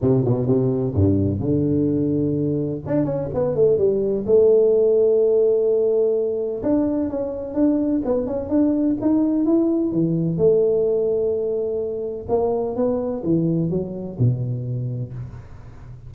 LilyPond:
\new Staff \with { instrumentName = "tuba" } { \time 4/4 \tempo 4 = 127 c8 b,8 c4 g,4 d4~ | d2 d'8 cis'8 b8 a8 | g4 a2.~ | a2 d'4 cis'4 |
d'4 b8 cis'8 d'4 dis'4 | e'4 e4 a2~ | a2 ais4 b4 | e4 fis4 b,2 | }